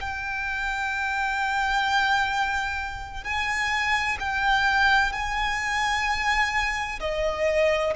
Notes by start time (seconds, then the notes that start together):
0.00 G5
3.23 G#5
4.19 G5
5.12 G#5
7.00 D#5